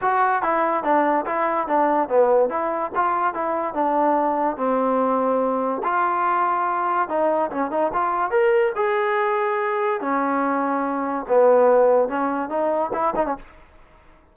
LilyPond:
\new Staff \with { instrumentName = "trombone" } { \time 4/4 \tempo 4 = 144 fis'4 e'4 d'4 e'4 | d'4 b4 e'4 f'4 | e'4 d'2 c'4~ | c'2 f'2~ |
f'4 dis'4 cis'8 dis'8 f'4 | ais'4 gis'2. | cis'2. b4~ | b4 cis'4 dis'4 e'8 dis'16 cis'16 | }